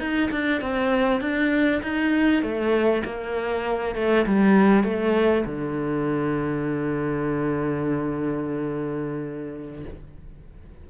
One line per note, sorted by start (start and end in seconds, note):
0.00 0.30 D#4
0.32 0.62 D4
0.62 1.21 C4
1.21 1.82 D4
1.83 2.43 D#4
2.43 3.03 A3
3.05 3.96 A#3
3.96 4.26 A3
4.26 4.84 G3
4.84 5.45 A3
5.46 9.85 D3